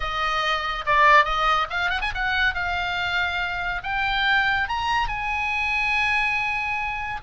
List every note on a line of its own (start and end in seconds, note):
0.00 0.85 D#5
0.85 1.24 D5
1.24 1.67 D#5
1.69 1.90 F5
1.90 2.00 F#5
2.01 2.12 G#5
2.14 2.54 F#5
2.54 3.82 F5
3.83 4.68 G5
4.68 5.08 A#5
5.08 7.20 G#5